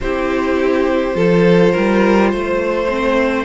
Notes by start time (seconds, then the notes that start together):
0.00 C4 E4 G4 C5
1.14 F3 F4 A4
1.72 G3 A#4
2.31 A3 C5
2.88 C4